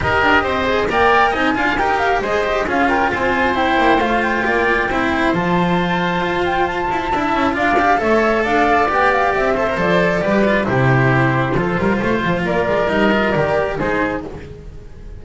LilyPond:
<<
  \new Staff \with { instrumentName = "flute" } { \time 4/4 \tempo 4 = 135 dis''2 g''4 gis''4 | g''8 f''8 dis''4 f''8 g''8 gis''4 | g''4 f''8 g''2~ g''8 | a''2~ a''8 g''8 a''4~ |
a''4 f''4 e''4 f''4 | g''8 f''8 e''4 d''2 | c''1 | d''4 dis''4 d''4 c''4 | }
  \new Staff \with { instrumentName = "oboe" } { \time 4/4 ais'4 c''4 d''4 dis''8 f''8 | ais'4 c''4 gis'8 ais'8 c''4~ | c''2 d''4 c''4~ | c''1 |
e''4 d''4 cis''4 d''4~ | d''4. c''4. b'4 | g'2 a'8 ais'8 c''4 | ais'2. gis'4 | }
  \new Staff \with { instrumentName = "cello" } { \time 4/4 g'4. gis'8 ais'4 dis'8 f'8 | g'4 gis'8 g'8 f'2 | e'4 f'2 e'4 | f'1 |
e'4 f'8 g'8 a'2 | g'4. a'16 ais'16 a'4 g'8 f'8 | e'2 f'2~ | f'4 dis'8 f'8 g'4 dis'4 | }
  \new Staff \with { instrumentName = "double bass" } { \time 4/4 dis'8 d'8 c'4 ais4 c'8 d'8 | dis'4 gis4 cis'4 c'4~ | c'8 ais8 a4 ais4 c'4 | f2 f'4. e'8 |
d'8 cis'8 d'4 a4 d'4 | b4 c'4 f4 g4 | c2 f8 g8 a8 f8 | ais8 gis8 g4 dis4 gis4 | }
>>